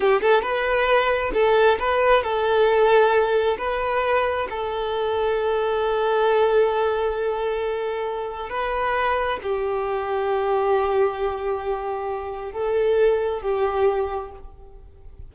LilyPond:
\new Staff \with { instrumentName = "violin" } { \time 4/4 \tempo 4 = 134 g'8 a'8 b'2 a'4 | b'4 a'2. | b'2 a'2~ | a'1~ |
a'2. b'4~ | b'4 g'2.~ | g'1 | a'2 g'2 | }